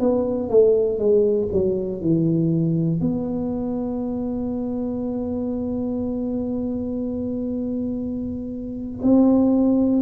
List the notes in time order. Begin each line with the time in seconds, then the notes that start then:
0.00 B3
0.50 A3
0.99 G#3
1.53 F#3
2.02 E3
3.01 B3
9.03 C4